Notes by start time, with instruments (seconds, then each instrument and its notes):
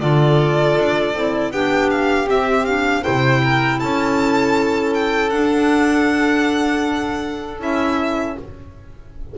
0.00 double bass D3, clarinet F4, violin A4 D5
0.77 double bass D4
1.14 double bass C4, clarinet E4
1.51 double bass B3, clarinet D4, violin G4 G5
1.90 violin F5
2.27 clarinet C4, double bass C4, violin E5
2.66 clarinet D4, violin F5
3.03 double bass C3, clarinet E4, violin C5 G5
3.44 violin A#4
3.79 double bass C#4, violin A4 A5
4.94 violin G5
5.30 double bass D4, clarinet D4, violin F#5
7.59 double bass C#4, clarinet E4, violin E5